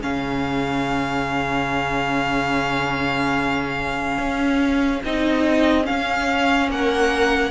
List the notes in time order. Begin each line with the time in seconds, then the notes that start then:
0.00 C#3 C#4 G#4 F5
4.18 C#4
5.05 C4 D#4 D#5
5.84 C#4 F5
6.70 A#3 A#4 F#5